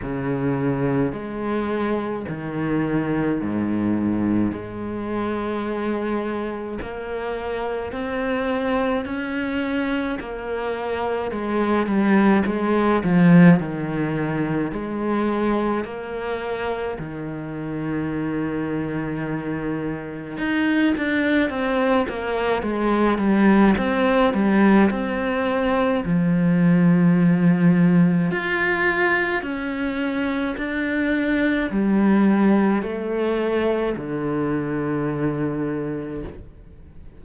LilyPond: \new Staff \with { instrumentName = "cello" } { \time 4/4 \tempo 4 = 53 cis4 gis4 dis4 gis,4 | gis2 ais4 c'4 | cis'4 ais4 gis8 g8 gis8 f8 | dis4 gis4 ais4 dis4~ |
dis2 dis'8 d'8 c'8 ais8 | gis8 g8 c'8 g8 c'4 f4~ | f4 f'4 cis'4 d'4 | g4 a4 d2 | }